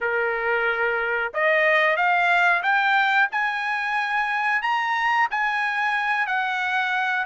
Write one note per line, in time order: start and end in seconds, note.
0.01 1.32 A#4
1.33 1.96 D#5
1.96 2.62 F5
2.62 3.28 G5
3.31 4.62 G#5
4.62 5.27 A#5
5.30 6.26 G#5
6.26 7.25 F#5